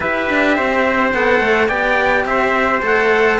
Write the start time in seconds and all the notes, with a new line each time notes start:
0.00 E4 G4 B4 E5
0.29 D4
0.56 C4 C5
1.13 B3 A4 F#5
1.40 A3
1.68 B3 G4 D5 G5
2.24 C4 C5 E5
2.82 A3 A4 F#5